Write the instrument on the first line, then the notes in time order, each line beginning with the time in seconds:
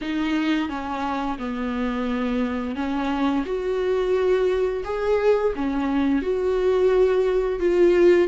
viola
0.01 D#4
0.69 C#4
1.38 B3
2.75 C#4
3.45 F#4
4.84 G#4
5.55 C#4
6.21 F#4
7.59 F4